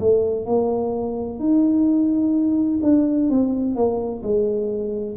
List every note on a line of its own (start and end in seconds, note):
0.00 0.46 A3
0.46 1.39 A#3
1.40 2.80 D#4
2.83 3.30 D4
3.30 3.75 C4
3.75 4.22 A#3
4.23 5.17 G#3